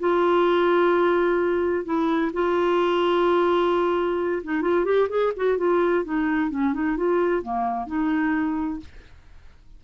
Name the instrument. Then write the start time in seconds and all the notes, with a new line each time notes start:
clarinet
0.00 F4
1.85 E4
2.34 F4
4.44 D#4
4.62 F4
4.85 G4
5.10 G#4
5.37 F#4
5.58 F4
6.05 D#4
6.51 C#4
6.74 D#4
6.97 F4
7.43 A#3
7.87 D#4